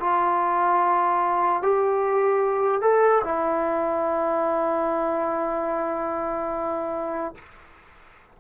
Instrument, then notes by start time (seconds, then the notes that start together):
trombone
0.00 F4
1.63 G4
2.82 A4
3.24 E4